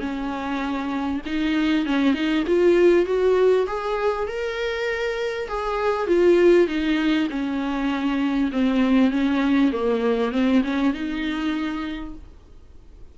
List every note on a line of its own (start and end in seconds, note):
0.00 1.21 C#4
1.25 1.86 D#4
1.86 2.13 C#4
2.13 2.44 D#4
2.47 3.06 F4
3.06 3.66 F#4
3.67 4.27 G#4
4.27 5.48 A#4
5.48 6.07 G#4
6.07 6.67 F4
6.67 7.28 D#4
7.29 8.51 C#4
8.52 9.10 C4
9.10 9.71 C#4
9.72 10.31 A#3
10.31 10.62 C4
10.64 10.93 C#4
10.93 12.15 D#4